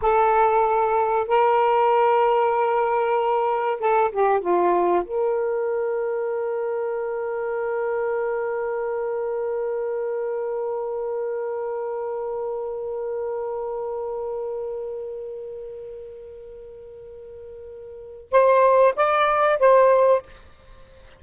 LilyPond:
\new Staff \with { instrumentName = "saxophone" } { \time 4/4 \tempo 4 = 95 a'2 ais'2~ | ais'2 a'8 g'8 f'4 | ais'1~ | ais'1~ |
ais'1~ | ais'1~ | ais'1~ | ais'4 c''4 d''4 c''4 | }